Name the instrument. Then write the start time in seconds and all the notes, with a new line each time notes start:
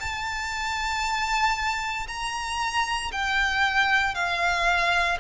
violin
0.00 A5
2.07 A#5
3.11 G5
4.14 F5